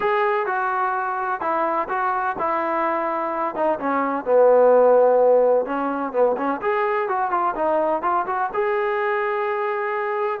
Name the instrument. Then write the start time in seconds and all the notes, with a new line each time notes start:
trombone
0.00 G#4
0.46 F#4
1.40 E4
1.88 F#4
2.39 E4
3.55 D#4
3.79 C#4
4.25 B3
5.65 C#4
6.12 B3
6.37 C#4
6.61 G#4
7.08 F#4
7.30 F4
7.55 D#4
8.02 F4
8.26 F#4
8.53 G#4